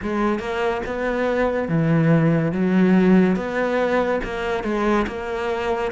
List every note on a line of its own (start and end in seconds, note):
0.02 0.39 G#3
0.39 0.81 A#3
0.86 1.68 B3
1.68 2.52 E3
2.52 3.36 F#3
3.36 4.20 B3
4.24 4.63 A#3
4.63 5.06 G#3
5.07 5.91 A#3